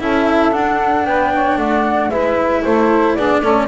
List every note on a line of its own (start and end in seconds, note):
0.00 0.53 C#4
0.00 0.52 E4
0.00 1.07 A4
0.00 0.54 E5
0.52 2.10 D4
0.52 1.05 D4
0.52 1.06 F#5
1.05 1.57 B3
1.05 1.34 B4
1.05 1.58 G5
1.34 1.58 C#5
1.57 2.10 A3
1.57 2.10 D5
1.57 2.10 F#5
2.10 2.62 G#3
2.10 3.19 E4
2.10 2.63 B4
2.10 2.63 E5
2.64 3.16 A3
2.64 3.15 A4
2.64 3.15 C5
3.15 3.42 B3
3.15 3.43 D4
3.15 3.41 G#4
3.15 3.68 D5
3.41 3.68 A3
3.41 3.68 C#4
3.41 3.68 A4